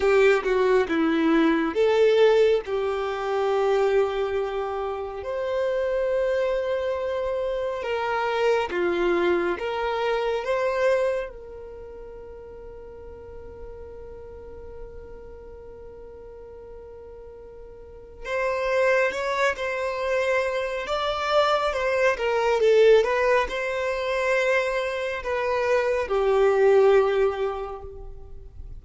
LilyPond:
\new Staff \with { instrumentName = "violin" } { \time 4/4 \tempo 4 = 69 g'8 fis'8 e'4 a'4 g'4~ | g'2 c''2~ | c''4 ais'4 f'4 ais'4 | c''4 ais'2.~ |
ais'1~ | ais'4 c''4 cis''8 c''4. | d''4 c''8 ais'8 a'8 b'8 c''4~ | c''4 b'4 g'2 | }